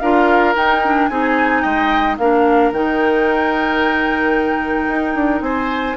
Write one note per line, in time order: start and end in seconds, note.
0.00 0.56 D4
0.00 0.56 F4
0.00 1.10 A#4
0.00 0.54 F5
0.56 0.83 D#4
0.56 1.10 D#4
0.56 1.08 G5
0.85 1.10 D4
1.08 1.64 C4
1.08 2.19 D#4
1.08 1.63 G#4
1.08 1.62 G#5
1.62 2.19 G#3
1.62 2.17 D#5
1.62 2.16 G5
2.18 2.72 A#3
2.18 2.74 D4
2.18 5.44 A#4
2.18 2.72 F5
2.72 4.88 D#3
2.72 5.97 D#4
2.72 5.42 G5
4.89 5.15 D#4
5.15 5.41 D4
5.41 5.95 C4
5.41 5.97 C5
5.41 5.96 G#5